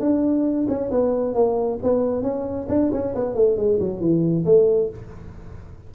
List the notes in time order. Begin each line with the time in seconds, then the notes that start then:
0.00 D4
0.68 C#4
0.91 B3
1.34 A#3
1.83 B3
2.22 C#4
2.69 D4
2.92 C#4
3.15 B3
3.35 A3
3.57 G#3
3.79 F#3
4.00 E3
4.45 A3